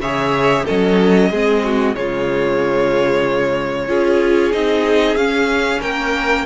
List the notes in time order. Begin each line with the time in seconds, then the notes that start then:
0.00 C#3 G#4 C#5 E5
0.65 F#3 C#4 A4 D#5
1.31 G#3 C4 G#4
1.64 F#4
1.95 C#3 G#3 F4 C#5
3.88 C#4 F4 G#4
4.52 C4 D#4 D#5
5.16 C#4 F5
5.81 A#3 A#4 G5